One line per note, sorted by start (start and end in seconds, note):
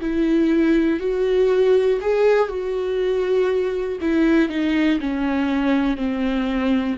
0.00 0.99 E4
0.99 1.99 F#4
2.00 2.49 G#4
2.49 3.99 F#4
4.00 4.49 E4
4.49 4.99 D#4
5.00 5.96 C#4
5.96 6.96 C4